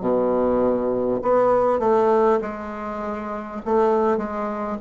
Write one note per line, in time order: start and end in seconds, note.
0.00 1.20 B2
1.22 1.79 B3
1.79 2.39 A3
2.41 3.61 G#3
3.65 4.17 A3
4.17 4.77 G#3